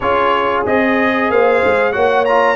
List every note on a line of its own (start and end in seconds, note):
0.00 0.65 C#4
0.00 0.66 F4
0.00 1.27 G#4
0.00 0.64 C#5
0.66 1.29 C4
0.66 1.92 G#4
0.66 1.30 D#5
1.29 1.61 A#3
1.29 1.93 C5
1.29 1.92 F5
1.64 1.96 G#3
1.92 2.56 A#3
1.92 2.24 F#4
1.92 2.56 C#5
1.92 2.24 F#5
2.25 2.56 F4
2.25 2.56 A#5